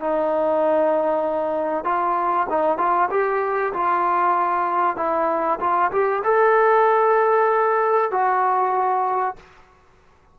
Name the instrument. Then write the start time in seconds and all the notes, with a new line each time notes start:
trombone
0.00 D#4
1.85 F4
2.50 D#4
2.78 F4
3.11 G4
3.73 F4
4.97 E4
5.60 F4
5.92 G4
6.24 A4
8.11 F#4